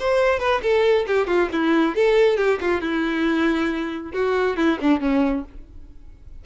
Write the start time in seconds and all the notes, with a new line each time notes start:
0.00 C5
0.40 B4
0.63 A4
1.07 G4
1.27 F4
1.53 E4
1.96 A4
2.37 G4
2.61 F4
2.81 E4
4.14 F#4
4.57 E4
4.82 D4
5.01 C#4